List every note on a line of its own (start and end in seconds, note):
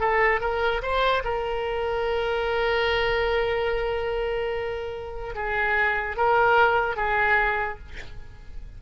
0.00 0.41 A4
0.41 0.82 A#4
0.82 1.23 C5
1.25 5.35 A#4
5.35 6.17 G#4
6.17 6.97 A#4
6.97 7.79 G#4